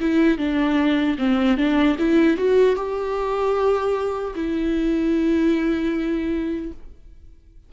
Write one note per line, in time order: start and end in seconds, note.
0.00 0.37 E4
0.37 1.16 D4
1.18 1.57 C4
1.57 1.96 D4
1.98 2.37 E4
2.37 2.76 F#4
2.76 4.33 G4
4.35 6.72 E4